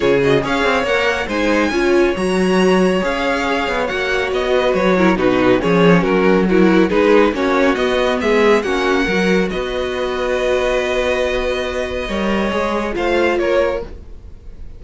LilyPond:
<<
  \new Staff \with { instrumentName = "violin" } { \time 4/4 \tempo 4 = 139 cis''8 dis''8 f''4 fis''4 gis''4~ | gis''4 ais''2 f''4~ | f''4 fis''4 dis''4 cis''4 | b'4 cis''4 ais'4 fis'4 |
b'4 cis''4 dis''4 e''4 | fis''2 dis''2~ | dis''1~ | dis''2 f''4 cis''4 | }
  \new Staff \with { instrumentName = "violin" } { \time 4/4 gis'4 cis''2 c''4 | cis''1~ | cis''2~ cis''8 b'4 ais'8 | fis'4 gis'4 fis'4 ais'4 |
gis'4 fis'2 gis'4 | fis'4 ais'4 b'2~ | b'1 | cis''2 c''4 ais'4 | }
  \new Staff \with { instrumentName = "viola" } { \time 4/4 f'8 fis'8 gis'4 ais'4 dis'4 | f'4 fis'2 gis'4~ | gis'4 fis'2~ fis'8 e'8 | dis'4 cis'2 e'4 |
dis'4 cis'4 b2 | cis'4 fis'2.~ | fis'1 | ais'4 gis'4 f'2 | }
  \new Staff \with { instrumentName = "cello" } { \time 4/4 cis4 cis'8 c'8 ais4 gis4 | cis'4 fis2 cis'4~ | cis'8 b8 ais4 b4 fis4 | b,4 f4 fis2 |
gis4 ais4 b4 gis4 | ais4 fis4 b2~ | b1 | g4 gis4 a4 ais4 | }
>>